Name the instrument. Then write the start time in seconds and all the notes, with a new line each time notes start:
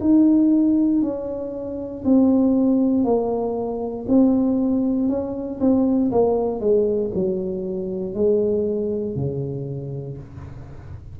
tuba
0.00 D#4
1.02 C#4
2.04 C4
3.04 A#3
4.08 C4
5.08 C#4
5.60 C4
6.11 A#3
6.60 G#3
7.14 F#3
8.14 G#3
9.16 C#3